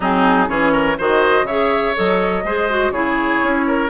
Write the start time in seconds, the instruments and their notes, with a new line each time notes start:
0.00 bassoon F#3, clarinet C4, oboe D#4, flute G#4
0.47 bassoon E3, clarinet C#4, oboe G#4, flute C#5
0.72 oboe A#4
0.97 bassoon D#3, clarinet F#4, oboe C5, flute D#5
1.42 bassoon C#3, clarinet G#4, oboe C#5, flute E5
1.95 bassoon F#3, clarinet A4, flute D#5
2.44 bassoon G#3, clarinet G#4, oboe C5
2.69 clarinet F#4
2.90 bassoon C#3, clarinet E4, oboe G#4, flute C#5
3.43 bassoon C#4
3.66 oboe A#4